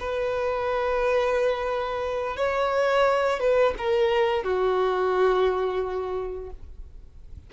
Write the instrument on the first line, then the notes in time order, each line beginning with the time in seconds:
violin
0.00 B4
2.37 C#5
3.40 B4
3.78 A#4
4.44 F#4